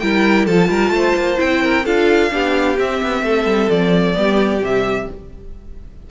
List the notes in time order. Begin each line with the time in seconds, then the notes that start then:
0.00 G3 E4 A#4 G5
0.46 F3 F4 A4 A5
0.69 G3 A#4
0.90 A3 C5
1.16 A#3
1.37 C4 E4 G5
1.63 A#4
1.86 D4 F4 A4 F5
2.30 B3 D4 G4
2.79 C4 E5
3.03 B3
3.23 A3 A4
3.46 G3
3.70 F3 D5
4.14 G3 B3 G4
4.62 C3 G3 E5